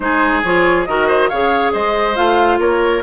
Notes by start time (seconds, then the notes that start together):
0.00 G#3 D#4 G#4 C5
0.44 F3 F4 C#5
0.85 D#3 F#4 A#4 D#5
1.07 C5
1.28 C#3 G#4 C#5 F5
1.72 G#3 C5 D#5
2.15 A3 F4 F5
2.58 A#3 A#4 C#5